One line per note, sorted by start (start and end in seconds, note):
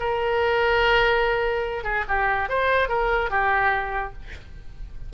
0.00 1.84 A#4
1.84 2.05 G#4
2.08 2.49 G4
2.49 2.89 C5
2.89 3.30 A#4
3.30 4.13 G4